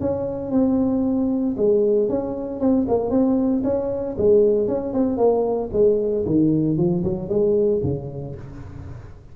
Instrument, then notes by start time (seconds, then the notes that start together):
tuba
0.00 C#4
0.51 C4
1.57 G#3
2.09 C#4
2.60 C4
2.88 A#3
3.10 C4
3.64 C#4
4.17 G#3
4.67 C#4
4.93 C4
5.17 A#3
5.72 G#3
6.25 D#3
6.77 F3
7.03 F#3
7.29 G#3
7.83 C#3